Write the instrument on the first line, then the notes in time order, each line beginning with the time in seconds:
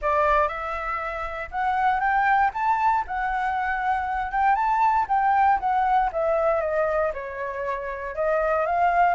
flute
0.01 D5
0.48 E5
1.51 F#5
1.99 G5
2.53 A5
3.07 F#5
4.31 G5
4.55 A5
5.08 G5
5.59 F#5
6.12 E5
6.61 D#5
7.13 C#5
8.15 D#5
8.66 F5